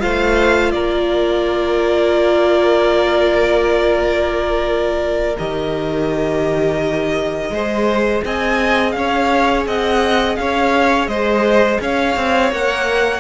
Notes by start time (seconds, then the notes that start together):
0.00 A3 F4 C5 F5
0.72 A#3 A#4 D5
5.38 D#3 G4 D#5
7.50 G#3 G#4 C5
8.25 C4 D#5 G#5
8.92 C#4 C#5 F5
9.66 C4 D#5 F#5
10.36 C#4 C#5 F5
11.07 G#3 C5 D#5
11.81 C#4 C#5 F5
12.16 C4
12.50 A#3 A#4 F#5